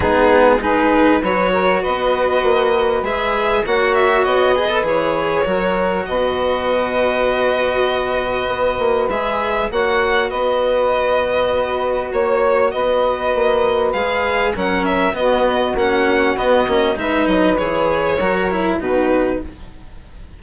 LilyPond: <<
  \new Staff \with { instrumentName = "violin" } { \time 4/4 \tempo 4 = 99 gis'4 b'4 cis''4 dis''4~ | dis''4 e''4 fis''8 e''8 dis''4 | cis''2 dis''2~ | dis''2. e''4 |
fis''4 dis''2. | cis''4 dis''2 f''4 | fis''8 e''8 dis''4 fis''4 dis''4 | e''8 dis''8 cis''2 b'4 | }
  \new Staff \with { instrumentName = "saxophone" } { \time 4/4 dis'4 gis'4 b'8 ais'8 b'4~ | b'2 cis''4. b'8~ | b'4 ais'4 b'2~ | b'1 |
cis''4 b'2. | cis''4 b'2. | ais'4 fis'2. | b'2 ais'4 fis'4 | }
  \new Staff \with { instrumentName = "cello" } { \time 4/4 b4 dis'4 fis'2~ | fis'4 gis'4 fis'4. gis'16 a'16 | gis'4 fis'2.~ | fis'2. gis'4 |
fis'1~ | fis'2. gis'4 | cis'4 b4 cis'4 b8 cis'8 | dis'4 gis'4 fis'8 e'8 dis'4 | }
  \new Staff \with { instrumentName = "bassoon" } { \time 4/4 gis2 fis4 b4 | ais4 gis4 ais4 b4 | e4 fis4 b,2~ | b,2 b8 ais8 gis4 |
ais4 b2. | ais4 b4 ais4 gis4 | fis4 b4 ais4 b8 ais8 | gis8 fis8 e4 fis4 b,4 | }
>>